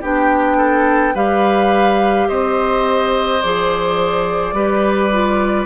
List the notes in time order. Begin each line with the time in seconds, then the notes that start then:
0.00 B3 D4 G4 G5
0.57 A4
1.14 G3 G4 B4 F5
2.28 C4 C5 D#5
3.41 F3 G#4 D5
4.52 G3 G4 B4
5.11 F4